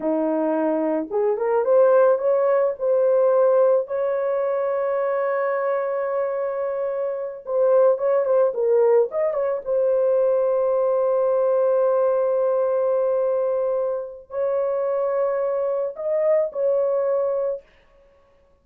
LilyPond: \new Staff \with { instrumentName = "horn" } { \time 4/4 \tempo 4 = 109 dis'2 gis'8 ais'8 c''4 | cis''4 c''2 cis''4~ | cis''1~ | cis''4. c''4 cis''8 c''8 ais'8~ |
ais'8 dis''8 cis''8 c''2~ c''8~ | c''1~ | c''2 cis''2~ | cis''4 dis''4 cis''2 | }